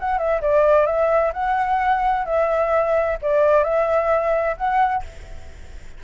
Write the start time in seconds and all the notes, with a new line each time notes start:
0.00 F#5
0.18 E5
0.42 D5
0.86 E5
1.33 F#5
2.26 E5
3.22 D5
3.64 E5
4.57 F#5